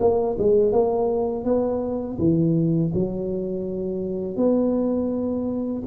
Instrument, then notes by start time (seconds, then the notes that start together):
tuba
0.00 A#3
0.39 G#3
0.72 A#3
1.44 B3
2.19 E3
2.94 F#3
4.37 B3